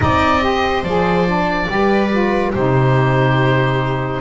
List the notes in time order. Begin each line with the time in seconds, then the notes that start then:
0.00 C4 D#4 D5 D#5
0.41 G4 C5
0.83 F3 G#4 D5
1.27 D4
1.68 G3 G4 B4
2.10 F4
2.52 C3 D#4 G4 C5